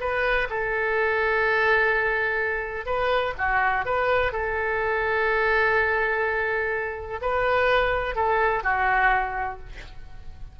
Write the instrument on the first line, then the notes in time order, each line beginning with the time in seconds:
oboe
0.00 B4
0.50 A4
2.86 B4
3.38 F#4
3.85 B4
4.32 A4
7.21 B4
8.15 A4
8.63 F#4